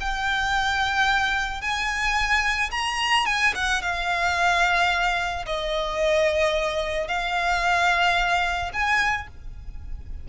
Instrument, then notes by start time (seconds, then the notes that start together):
violin
0.00 G5
1.61 G#5
2.71 A#5
3.26 G#5
3.55 F#5
3.82 F5
5.45 D#5
7.08 F5
8.73 G#5